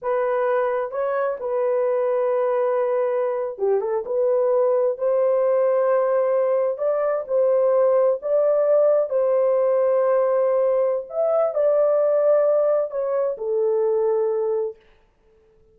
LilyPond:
\new Staff \with { instrumentName = "horn" } { \time 4/4 \tempo 4 = 130 b'2 cis''4 b'4~ | b'2.~ b'8. g'16~ | g'16 a'8 b'2 c''4~ c''16~ | c''2~ c''8. d''4 c''16~ |
c''4.~ c''16 d''2 c''16~ | c''1 | e''4 d''2. | cis''4 a'2. | }